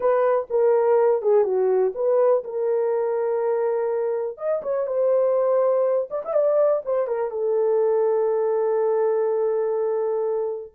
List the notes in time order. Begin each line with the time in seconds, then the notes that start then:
0.00 B4
0.50 A#4
1.22 G#4
1.44 F#4
1.94 B4
2.43 A#4
4.37 D#5
4.62 C#5
4.86 C5
6.10 D5
6.24 E5
6.33 D5
6.85 C5
7.07 A#4
7.31 A4